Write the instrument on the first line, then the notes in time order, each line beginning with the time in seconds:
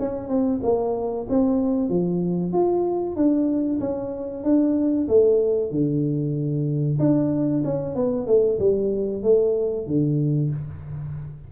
tuba
0.00 C#4
0.29 C4
0.64 A#3
1.29 C4
1.90 F3
2.53 F4
3.16 D4
3.80 C#4
4.44 D4
5.08 A3
5.71 D3
7.00 D4
7.65 C#4
7.96 B3
8.27 A3
8.60 G3
9.23 A3
9.87 D3